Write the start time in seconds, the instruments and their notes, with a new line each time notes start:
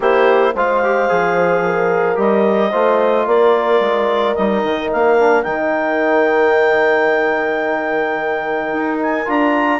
0.00 bassoon A#3, trombone E4, horn G4, clarinet C5
0.54 bassoon G#3, trombone F4, horn C5, clarinet F5
0.83 trombone G4
1.08 bassoon F3, trombone G#4
1.64 horn A#4
2.15 bassoon G3, trombone G4, clarinet D#5
2.71 bassoon A3, trombone F4, horn C5
3.26 bassoon A#3, horn A#4, clarinet D5
3.79 bassoon G#3
4.34 bassoon G3, trombone D#4, clarinet D#5
4.63 bassoon D#3
4.92 bassoon A#3, clarinet F5
5.19 trombone D4
5.42 bassoon D#3, trombone D#4, clarinet G5
8.72 bassoon D#4
9.02 clarinet G#5
9.25 bassoon D4, trombone F4, clarinet A#5